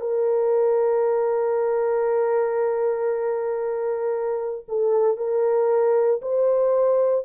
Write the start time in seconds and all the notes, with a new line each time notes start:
0.00 A#4
4.68 A4
5.17 A#4
6.22 C5